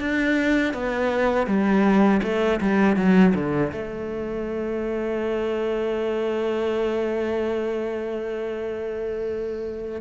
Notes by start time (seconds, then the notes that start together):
0.00 D4
0.73 B3
1.47 G3
2.23 A3
2.61 G3
2.97 F#3
3.34 D3
3.72 A3